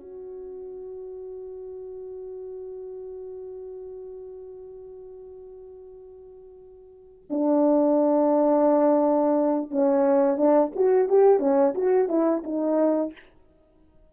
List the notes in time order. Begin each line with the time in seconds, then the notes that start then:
0.00 F#4
7.29 D4
9.70 C#4
10.37 D4
10.75 F#4
11.08 G4
11.39 C#4
11.74 F#4
12.08 E4
12.43 D#4